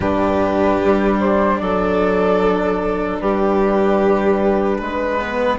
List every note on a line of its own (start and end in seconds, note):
0.00 0.79 G2
0.00 5.19 D4
0.00 1.60 G4
0.00 1.19 B4
0.84 1.61 G3
1.19 1.57 C5
1.57 3.21 F#3
1.57 3.21 A4
1.57 3.17 D5
3.19 4.80 G3
3.19 4.78 G4
3.19 5.58 B4
4.78 5.58 G#3
4.78 5.58 B4
5.19 5.58 B3